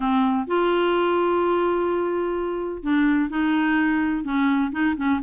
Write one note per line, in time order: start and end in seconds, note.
0.00 0.47 C4
0.47 2.83 F4
2.83 3.29 D4
3.29 4.24 D#4
4.24 4.71 C#4
4.72 4.95 D#4
4.96 5.20 C#4